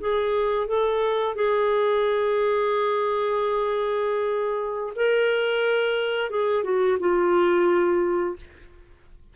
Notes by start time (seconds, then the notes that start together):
0.00 G#4
0.67 A4
1.35 G#4
4.96 A#4
6.30 G#4
6.64 F#4
7.00 F4